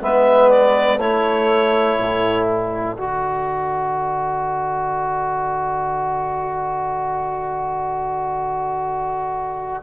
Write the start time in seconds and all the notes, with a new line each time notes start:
0.00 G#3 B3 B4 E5
0.49 D5
0.98 A3 E4 A4 C#5
1.98 A2
2.45 D5
2.95 D3 F#4